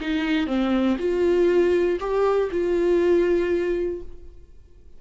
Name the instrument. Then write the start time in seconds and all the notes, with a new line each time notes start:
viola
0.00 D#4
0.46 C4
0.98 F4
2.00 G4
2.51 F4